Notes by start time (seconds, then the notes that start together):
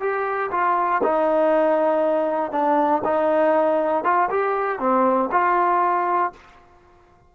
0.00 G4
0.51 F4
1.03 D#4
2.52 D4
3.04 D#4
4.04 F4
4.30 G4
4.79 C4
5.32 F4